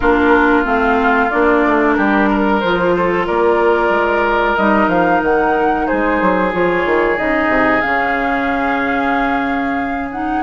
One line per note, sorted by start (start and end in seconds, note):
0.00 0.65 A#3
0.00 0.64 D4
0.00 1.95 F4
0.00 0.64 A#4
0.64 1.30 A3
0.64 1.29 C4
0.64 1.30 F5
1.30 1.65 A#3
1.30 2.62 D4
1.30 1.93 D5
1.66 1.98 A3
1.93 2.63 G3
1.93 2.29 G4
1.93 2.59 A#4
2.30 2.95 A#4
2.59 3.28 F3
2.59 4.57 F4
2.59 3.24 C5
2.96 3.26 A4
3.26 3.89 A#3
3.26 5.87 A#4
3.26 4.56 D5
3.89 4.54 G#3
4.56 4.87 G3
4.56 6.53 D#4
4.56 4.88 D#5
4.87 5.20 F3
4.87 5.21 F5
5.22 5.87 D#3
5.22 5.87 F#5
5.87 6.21 G#3
5.87 10.42 G#4
5.87 6.52 C5
6.21 6.53 F#3
6.52 6.85 F3
6.52 7.16 F4
6.52 7.17 C#5
6.85 7.17 D#3
7.16 7.48 C#3
7.16 7.82 D#4
7.16 7.81 D#5
7.48 7.80 C3
7.81 10.42 C#3
7.81 10.10 C#4
7.81 10.09 F5
10.11 10.42 D#4
10.11 10.42 F#5